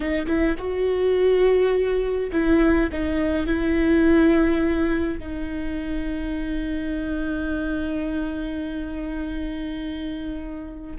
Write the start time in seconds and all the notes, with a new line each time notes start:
0.00 D#4
0.26 E4
0.57 F#4
2.32 E4
2.92 D#4
3.46 E4
5.19 D#4